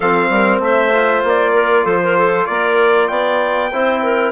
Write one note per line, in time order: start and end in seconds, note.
0.00 0.29 F3
0.00 0.92 C4
0.00 0.30 A4
0.00 0.59 F5
0.29 0.59 G3
0.29 0.63 A#4
0.59 1.21 A3
0.59 1.53 C5
0.59 1.24 E5
0.92 3.71 F4
1.24 1.85 A#3
1.24 1.85 D5
1.53 1.84 A#4
1.84 2.47 F3
1.84 1.99 A4
1.84 2.46 C5
2.03 2.17 A#4
2.17 2.48 A4
2.46 3.09 A#3
2.46 3.09 A#4
2.46 3.07 D5
3.07 3.71 B3
3.07 3.71 D5
3.07 4.31 G5
3.72 4.32 C4
3.72 4.32 E4
3.72 4.02 C5
4.02 4.32 A#4